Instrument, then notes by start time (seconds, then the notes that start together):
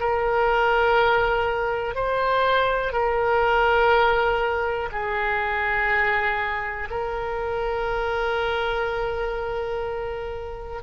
oboe
0.00 A#4
1.96 C5
2.93 A#4
4.92 G#4
6.91 A#4